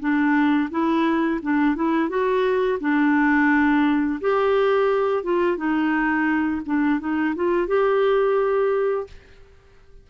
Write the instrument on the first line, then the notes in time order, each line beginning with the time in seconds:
clarinet
0.00 D4
0.71 E4
1.42 D4
1.76 E4
2.09 F#4
2.81 D4
4.21 G4
5.24 F4
5.57 D#4
6.66 D4
7.00 D#4
7.36 F4
7.68 G4